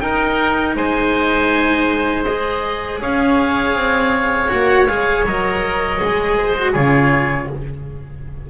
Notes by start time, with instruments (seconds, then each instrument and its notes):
0.00 cello D#4, double bass D#4, oboe A#4 G5
0.76 double bass G#3, oboe C5 G#5
2.25 cello G#4, oboe D#5
3.01 double bass C#4, oboe C#5 F5
3.75 double bass C4
4.49 double bass A#3, cello F#4, oboe F#5
4.88 double bass G#3, cello G#4, oboe F5
5.26 double bass F#3, cello A#4, oboe D#5
6.00 double bass G#3, cello G#4
6.38 oboe C5
6.57 cello F#4
6.73 double bass C#3, cello F4, oboe G#4 C#5